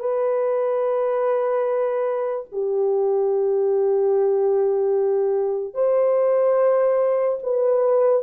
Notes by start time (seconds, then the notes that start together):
0.00 B4
2.53 G4
5.74 C5
7.43 B4